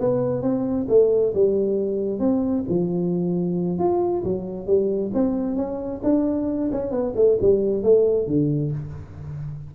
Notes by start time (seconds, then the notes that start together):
0.00 B3
0.42 C4
0.89 A3
1.35 G3
2.20 C4
2.69 F3
3.79 F4
4.24 F#3
4.67 G3
5.14 C4
5.56 C#4
6.03 D4
6.72 C#4
6.91 B3
7.16 A3
7.41 G3
7.83 A3
8.27 D3